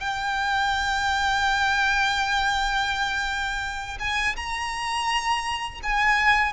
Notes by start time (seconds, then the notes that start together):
0.00 G5
3.99 G#5
4.36 A#5
5.83 G#5